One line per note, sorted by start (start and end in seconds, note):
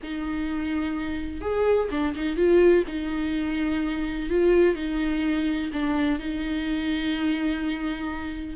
0.03 1.41 D#4
1.41 1.88 G#4
1.90 2.14 D4
2.15 2.36 D#4
2.36 2.84 F4
2.87 4.29 D#4
4.29 4.75 F4
4.75 5.70 D#4
5.73 6.19 D4
6.19 8.55 D#4